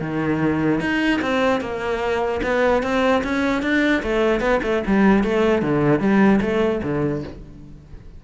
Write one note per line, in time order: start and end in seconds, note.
0.00 0.80 D#3
0.80 1.20 D#4
1.21 1.61 C4
1.61 2.41 A#3
2.42 2.82 B3
2.82 3.22 C4
3.23 3.62 C#4
3.62 4.02 D4
4.03 4.40 A3
4.40 4.60 B3
4.62 4.82 A3
4.86 5.23 G3
5.23 5.61 A3
5.61 5.99 D3
5.99 6.39 G3
6.41 6.81 A3
6.83 7.23 D3